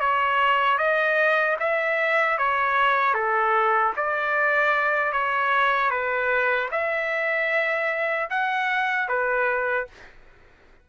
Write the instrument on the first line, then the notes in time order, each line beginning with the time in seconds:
trumpet
0.00 C#5
0.78 D#5
1.60 E5
2.38 C#5
3.14 A4
3.97 D5
5.13 C#5
5.90 B4
6.71 E5
8.30 F#5
9.08 B4